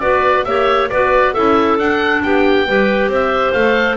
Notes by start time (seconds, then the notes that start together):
0.00 B3 F#4 B4 D5
0.44 A#3 G4 C#5 E5
0.89 B3 F#4 B4 D5
1.33 C#4 E4 A4 E5
1.78 D4 F#5
2.22 B3 G4 G5
2.67 G3 G4 B4
3.07 C4 C5 E5
3.52 A3 A4 F5